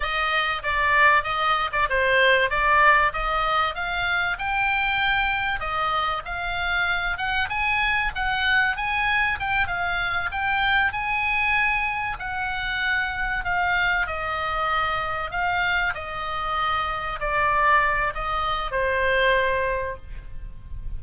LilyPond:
\new Staff \with { instrumentName = "oboe" } { \time 4/4 \tempo 4 = 96 dis''4 d''4 dis''8. d''16 c''4 | d''4 dis''4 f''4 g''4~ | g''4 dis''4 f''4. fis''8 | gis''4 fis''4 gis''4 g''8 f''8~ |
f''8 g''4 gis''2 fis''8~ | fis''4. f''4 dis''4.~ | dis''8 f''4 dis''2 d''8~ | d''4 dis''4 c''2 | }